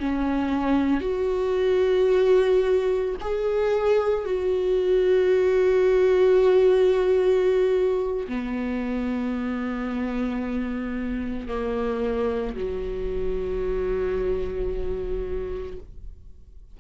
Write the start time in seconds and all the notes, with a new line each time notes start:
0.00 C#4
1.01 F#4
3.21 G#4
4.26 F#4
8.28 B3
11.48 A#3
12.56 F#3